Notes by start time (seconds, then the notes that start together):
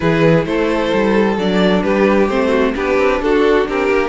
0.00 E3 E4 G#4 B4
0.45 A3 A4 C5
0.92 G3
1.37 F#3 D4 D5
1.82 G3 G4 B4
2.28 A3 C4 C5
2.48 F#4
2.74 B3 D4 G4 B4
2.97 C4
3.22 D4 F#4 A4
3.67 C4 G4 A#4
3.89 A#3